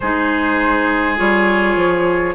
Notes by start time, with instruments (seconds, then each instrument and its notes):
0.00 bassoon G#3, clarinet D#4, oboe G#4, flute C5
1.16 bassoon G3, clarinet F4, flute C#5
1.75 bassoon F3